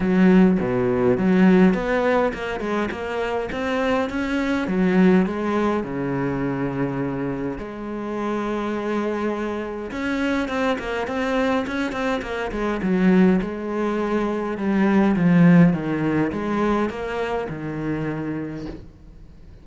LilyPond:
\new Staff \with { instrumentName = "cello" } { \time 4/4 \tempo 4 = 103 fis4 b,4 fis4 b4 | ais8 gis8 ais4 c'4 cis'4 | fis4 gis4 cis2~ | cis4 gis2.~ |
gis4 cis'4 c'8 ais8 c'4 | cis'8 c'8 ais8 gis8 fis4 gis4~ | gis4 g4 f4 dis4 | gis4 ais4 dis2 | }